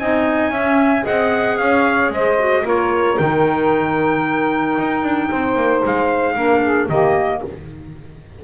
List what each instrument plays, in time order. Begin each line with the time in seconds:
0.00 double bass C4, clarinet D#4, saxophone D#5, trumpet G#5
0.51 double bass C#4, clarinet C#4, saxophone E5
1.03 double bass C4, clarinet G#4, saxophone D#5, trumpet F#5
1.58 double bass C#4, saxophone C#5, trumpet F5
2.10 double bass G#3, saxophone C5, trumpet D#5
2.39 clarinet F#4
2.63 double bass A#3, clarinet F4, saxophone A#4, trumpet C#5
3.18 double bass D#3, clarinet D#4, trumpet G5
4.79 double bass D#4
5.03 double bass D4
5.30 double bass C4, saxophone C5
5.56 double bass A#3
5.85 double bass G#3, trumpet F5
6.35 double bass A#3, clarinet D4, saxophone A#4
6.63 saxophone G#4
6.89 double bass D#3, clarinet A#3, saxophone G4, trumpet D#5